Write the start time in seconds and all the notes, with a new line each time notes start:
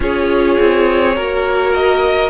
0.00 C#4 F4 G#4 C#5
0.59 C4
1.15 A#3 F#4 A#4
1.74 D#5